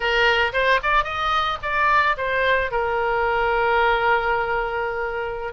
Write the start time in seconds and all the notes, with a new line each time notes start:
0.00 A#4
0.53 C5
0.82 D5
1.04 D#5
1.62 D5
2.17 C5
2.71 A#4